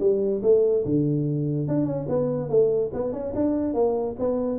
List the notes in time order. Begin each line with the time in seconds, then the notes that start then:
0.00 G3
0.43 A3
0.85 D3
1.68 D4
1.86 C#4
2.09 B3
2.50 A3
2.94 B3
3.13 C#4
3.35 D4
3.74 A#3
4.20 B3